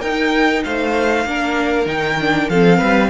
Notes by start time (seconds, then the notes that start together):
0.00 D#4 A#4 G5
0.64 A3 C5 F5
1.25 A#3 D4 A#4
1.85 D#3 D#4 G5
2.20 D4
2.49 F3 C4 A4 F5
2.78 G3 B4